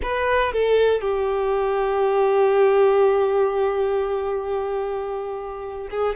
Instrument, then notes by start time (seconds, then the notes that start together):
violin
0.02 B4
0.52 A4
1.01 G4
5.90 G#4